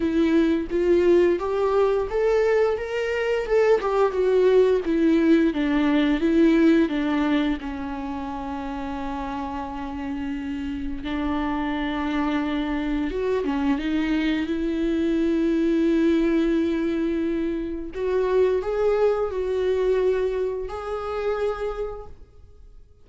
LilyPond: \new Staff \with { instrumentName = "viola" } { \time 4/4 \tempo 4 = 87 e'4 f'4 g'4 a'4 | ais'4 a'8 g'8 fis'4 e'4 | d'4 e'4 d'4 cis'4~ | cis'1 |
d'2. fis'8 cis'8 | dis'4 e'2.~ | e'2 fis'4 gis'4 | fis'2 gis'2 | }